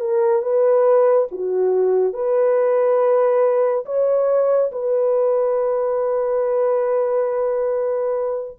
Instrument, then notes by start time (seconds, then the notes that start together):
horn
0.00 A#4
0.42 B4
1.31 F#4
2.13 B4
3.85 C#5
4.71 B4